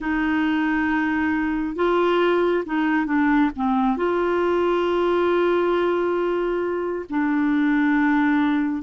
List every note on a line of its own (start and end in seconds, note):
0.00 1.75 D#4
1.75 2.64 F4
2.65 3.06 D#4
3.06 3.50 D4
3.56 3.96 C4
3.96 7.05 F4
7.09 8.82 D4